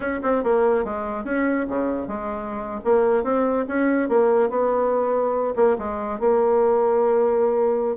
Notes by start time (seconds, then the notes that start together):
0.00 C#4
0.23 C4
0.43 A#3
0.84 G#3
1.24 C#4
1.68 C#3
2.07 G#3
2.84 A#3
3.23 C4
3.68 C#4
4.08 A#3
4.49 B3
5.55 A#3
5.78 G#3
6.19 A#3